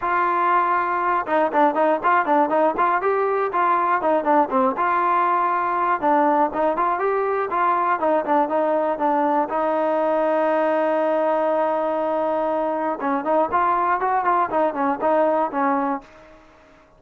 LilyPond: \new Staff \with { instrumentName = "trombone" } { \time 4/4 \tempo 4 = 120 f'2~ f'8 dis'8 d'8 dis'8 | f'8 d'8 dis'8 f'8 g'4 f'4 | dis'8 d'8 c'8 f'2~ f'8 | d'4 dis'8 f'8 g'4 f'4 |
dis'8 d'8 dis'4 d'4 dis'4~ | dis'1~ | dis'2 cis'8 dis'8 f'4 | fis'8 f'8 dis'8 cis'8 dis'4 cis'4 | }